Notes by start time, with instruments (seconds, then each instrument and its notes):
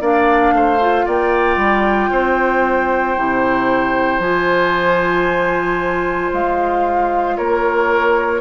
0.00 bassoon A#3, clarinet D4, oboe D5, flute F5
0.52 bassoon A3, oboe C5
0.80 clarinet F4
1.05 bassoon A#3, oboe D5, flute G5
1.56 bassoon G3
2.10 bassoon C4, oboe C5
3.17 bassoon C3, clarinet E4
4.19 bassoon F3, clarinet F4, flute G#5
6.33 bassoon G#3, flute F5
7.37 bassoon A#3, oboe A#4, flute C#5